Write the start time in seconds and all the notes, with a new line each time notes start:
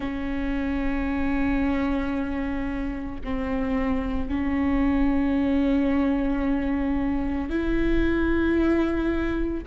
0.00 C#4
3.23 C4
4.29 C#4
7.49 E4